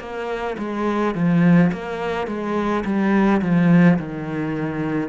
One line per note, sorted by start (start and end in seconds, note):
0.00 0.57 A#3
0.59 1.15 G#3
1.15 1.72 F3
1.73 2.28 A#3
2.28 2.85 G#3
2.85 3.42 G3
3.42 3.99 F3
3.99 5.09 D#3